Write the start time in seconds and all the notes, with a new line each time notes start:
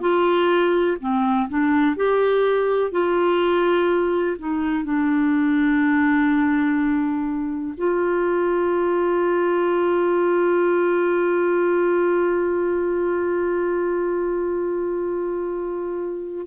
0.00 F4
1.00 C4
1.49 D4
1.96 G4
2.91 F4
4.38 D#4
4.84 D4
7.77 F4